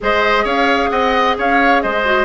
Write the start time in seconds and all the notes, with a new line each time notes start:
0.00 G#3 G#4 C5 D#5
0.44 C#4 C#5 F5
0.89 C4 D#5 F#5
1.37 C#4 C#5 F5
1.81 G#3 C5 D#5
2.05 F#4